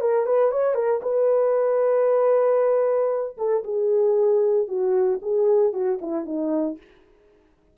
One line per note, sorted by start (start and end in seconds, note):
0.00 0.26 A#4
0.26 0.51 B4
0.51 0.74 C#5
0.74 1.00 A#4
1.02 3.37 B4
3.37 3.63 A4
3.63 4.67 G#4
4.67 5.20 F#4
5.22 5.73 G#4
5.73 5.99 F#4
6.01 6.25 E4
6.25 6.77 D#4